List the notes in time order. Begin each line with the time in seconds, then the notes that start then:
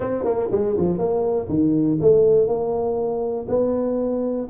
0.00 C4
0.24 A#3
0.51 G#3
0.77 F3
0.98 A#3
1.49 D#3
2.00 A3
2.47 A#3
3.48 B3